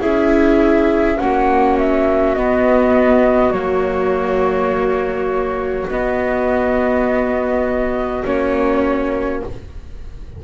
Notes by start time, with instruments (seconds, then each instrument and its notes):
0.00 double bass C#4, viola E4, clarinet G#4, flute E5
1.18 double bass A#3, viola C#4, clarinet F#4, flute F#5
1.78 flute E5
2.34 double bass B3, viola B3, flute D#5
3.51 double bass F#3, viola A#3, flute C#5
5.88 double bass B3, viola B3, flute D#5
8.24 double bass A#3, viola C#4, flute C#5